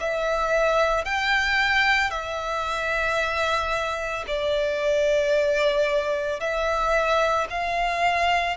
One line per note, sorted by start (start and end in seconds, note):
0.00 1.05 E5
1.05 2.10 G5
2.10 4.25 E5
4.27 6.40 D5
6.40 7.47 E5
7.50 8.57 F5